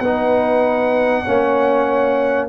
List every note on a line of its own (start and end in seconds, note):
0.00 1.24 B3
0.00 1.26 D#4
0.00 1.25 B4
0.00 2.48 F#5
1.25 2.49 A#3
1.25 2.49 C#4
1.25 2.48 C#5